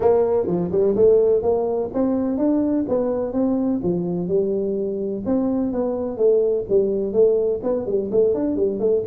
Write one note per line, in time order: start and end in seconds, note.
0.00 0.47 A#3
0.47 0.70 F3
0.71 0.95 G3
0.95 1.42 A3
1.42 1.90 A#3
1.93 2.37 C4
2.37 2.85 D4
2.88 3.32 B3
3.32 3.80 C4
3.83 4.28 F3
4.28 5.23 G3
5.25 5.72 C4
5.72 6.17 B3
6.17 6.65 A3
6.69 7.12 G3
7.12 7.60 A3
7.63 7.86 B3
7.86 8.10 G3
8.11 8.34 A3
8.34 8.56 D4
8.56 8.79 G3
8.79 9.03 A3